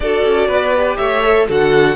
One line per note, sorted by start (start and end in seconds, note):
0.00 0.23 D4
0.00 0.76 F#4
0.00 0.47 A4
0.00 0.97 D5
0.24 0.49 C#4
0.47 0.98 B3
0.47 0.96 B4
0.76 1.23 G4
0.97 1.47 A3
0.97 1.47 C#5
0.97 1.46 E5
1.23 1.47 A4
1.47 1.95 D3
1.47 1.95 F#4
1.47 1.95 A4
1.47 1.95 F#5